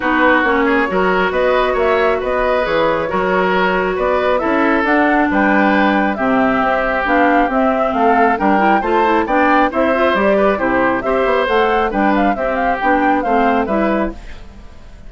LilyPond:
<<
  \new Staff \with { instrumentName = "flute" } { \time 4/4 \tempo 4 = 136 b'4 cis''2 dis''4 | e''4 dis''4 cis''2~ | cis''4 d''4 e''4 fis''4 | g''2 e''2 |
f''4 e''4 f''4 g''4 | a''4 g''4 e''4 d''4 | c''4 e''4 fis''4 g''8 f''8 | e''8 f''8 g''4 f''4 e''4 | }
  \new Staff \with { instrumentName = "oboe" } { \time 4/4 fis'4. gis'8 ais'4 b'4 | cis''4 b'2 ais'4~ | ais'4 b'4 a'2 | b'2 g'2~ |
g'2 a'4 ais'4 | c''4 d''4 c''4. b'8 | g'4 c''2 b'4 | g'2 c''4 b'4 | }
  \new Staff \with { instrumentName = "clarinet" } { \time 4/4 dis'4 cis'4 fis'2~ | fis'2 gis'4 fis'4~ | fis'2 e'4 d'4~ | d'2 c'2 |
d'4 c'2 d'8 e'8 | f'8 e'8 d'4 e'8 f'8 g'4 | e'4 g'4 a'4 d'4 | c'4 d'4 c'4 e'4 | }
  \new Staff \with { instrumentName = "bassoon" } { \time 4/4 b4 ais4 fis4 b4 | ais4 b4 e4 fis4~ | fis4 b4 cis'4 d'4 | g2 c4 c'4 |
b4 c'4 a4 g4 | a4 b4 c'4 g4 | c4 c'8 b8 a4 g4 | c'4 b4 a4 g4 | }
>>